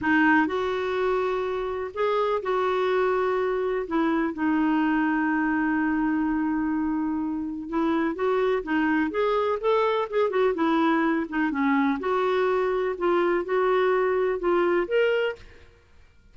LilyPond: \new Staff \with { instrumentName = "clarinet" } { \time 4/4 \tempo 4 = 125 dis'4 fis'2. | gis'4 fis'2. | e'4 dis'2.~ | dis'1 |
e'4 fis'4 dis'4 gis'4 | a'4 gis'8 fis'8 e'4. dis'8 | cis'4 fis'2 f'4 | fis'2 f'4 ais'4 | }